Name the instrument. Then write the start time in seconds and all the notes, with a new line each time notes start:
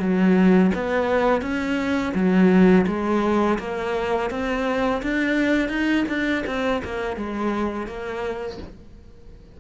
cello
0.00 F#3
0.75 B3
1.42 C#4
2.15 F#3
2.87 G#3
3.59 A#3
4.31 C4
5.03 D4
5.69 D#4
6.09 D4
6.46 C4
6.85 A#3
7.17 G#3
7.87 A#3